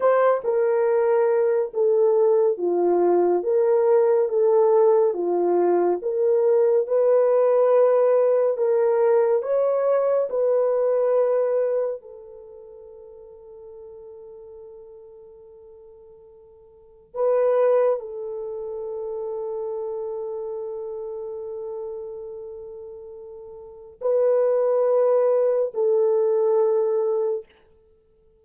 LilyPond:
\new Staff \with { instrumentName = "horn" } { \time 4/4 \tempo 4 = 70 c''8 ais'4. a'4 f'4 | ais'4 a'4 f'4 ais'4 | b'2 ais'4 cis''4 | b'2 a'2~ |
a'1 | b'4 a'2.~ | a'1 | b'2 a'2 | }